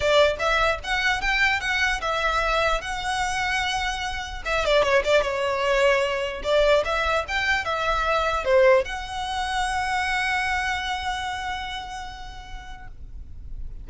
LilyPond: \new Staff \with { instrumentName = "violin" } { \time 4/4 \tempo 4 = 149 d''4 e''4 fis''4 g''4 | fis''4 e''2 fis''4~ | fis''2. e''8 d''8 | cis''8 d''8 cis''2. |
d''4 e''4 g''4 e''4~ | e''4 c''4 fis''2~ | fis''1~ | fis''1 | }